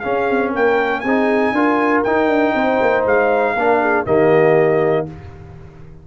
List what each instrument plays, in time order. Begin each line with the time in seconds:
0.00 trombone C#4, tuba C#4, horn G#4, trumpet F5
0.30 tuba C4
0.51 tuba A#3, horn A#4, trumpet G5
1.00 tuba C4, horn G#4, trumpet G#5
1.07 trombone D#4
1.52 tuba D4, trombone F4, horn A#4
2.03 trombone D#4, tuba D#4, trumpet G5
2.27 tuba D4
2.55 tuba C4, horn C5
2.82 tuba A#3
3.05 tuba G#3, trumpet F5
3.54 tuba A#3, trombone D4, horn A#4
3.81 horn G#4
4.05 tuba D#3, trombone A#3, horn G4, trumpet D#5